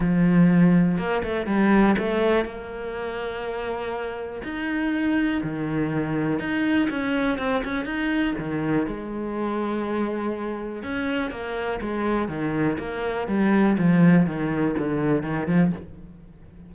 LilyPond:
\new Staff \with { instrumentName = "cello" } { \time 4/4 \tempo 4 = 122 f2 ais8 a8 g4 | a4 ais2.~ | ais4 dis'2 dis4~ | dis4 dis'4 cis'4 c'8 cis'8 |
dis'4 dis4 gis2~ | gis2 cis'4 ais4 | gis4 dis4 ais4 g4 | f4 dis4 d4 dis8 f8 | }